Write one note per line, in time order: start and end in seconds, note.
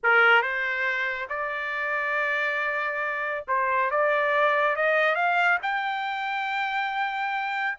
0.03 0.41 A#4
0.41 1.28 C5
1.29 3.45 D5
3.47 3.90 C5
3.90 4.75 D5
4.75 5.15 D#5
5.15 5.58 F5
5.62 7.78 G5